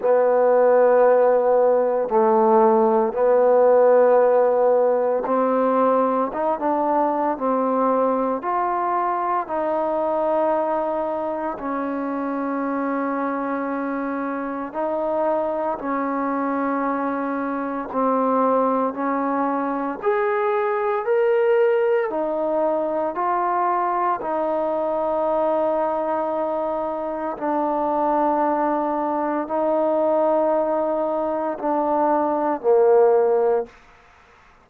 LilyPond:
\new Staff \with { instrumentName = "trombone" } { \time 4/4 \tempo 4 = 57 b2 a4 b4~ | b4 c'4 dis'16 d'8. c'4 | f'4 dis'2 cis'4~ | cis'2 dis'4 cis'4~ |
cis'4 c'4 cis'4 gis'4 | ais'4 dis'4 f'4 dis'4~ | dis'2 d'2 | dis'2 d'4 ais4 | }